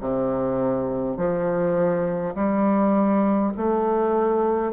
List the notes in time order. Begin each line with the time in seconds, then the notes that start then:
0.00 C3
1.17 F3
2.35 G3
3.57 A3